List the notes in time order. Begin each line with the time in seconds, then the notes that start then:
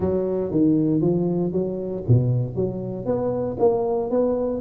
0.00 F#3
0.51 D#3
1.01 F3
1.52 F#3
2.08 B2
2.55 F#3
3.05 B3
3.59 A#3
4.10 B3